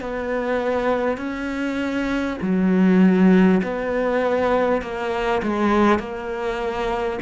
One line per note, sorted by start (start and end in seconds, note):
0.00 1.17 B3
1.17 2.37 C#4
2.41 3.61 F#3
3.63 4.82 B3
4.82 5.42 A#3
5.42 5.98 G#3
5.98 7.18 A#3